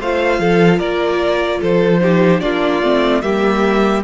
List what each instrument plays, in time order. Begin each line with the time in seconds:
0.00 cello A3, viola F4, violin C5 F5
0.39 cello F3, violin A4
0.79 cello A#3, violin A#4 D5
1.60 cello F3, violin A4 C5
2.01 viola D#4, violin G4
2.41 cello A#3, viola D4, violin F4 D5
2.82 cello A3, viola C4
3.22 cello G3, viola A#3, violin G4 E5